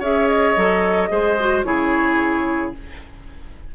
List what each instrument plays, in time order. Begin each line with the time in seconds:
0.00 bassoon C#4, clarinet G#4, oboe C#5, flute E5
0.28 flute D#5
0.57 bassoon F#3, clarinet A4
1.09 bassoon G#3, clarinet G#4, oboe C5
1.40 clarinet F#4
1.64 bassoon C#3, clarinet E4, oboe G#4, flute C#5